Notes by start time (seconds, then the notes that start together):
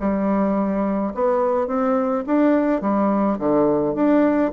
0.00 G3
1.14 B3
1.67 C4
2.26 D4
2.81 G3
3.39 D3
3.95 D4